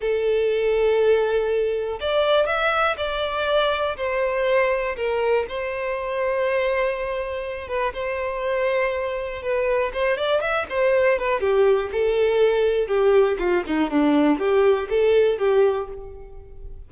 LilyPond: \new Staff \with { instrumentName = "violin" } { \time 4/4 \tempo 4 = 121 a'1 | d''4 e''4 d''2 | c''2 ais'4 c''4~ | c''2.~ c''8 b'8 |
c''2. b'4 | c''8 d''8 e''8 c''4 b'8 g'4 | a'2 g'4 f'8 dis'8 | d'4 g'4 a'4 g'4 | }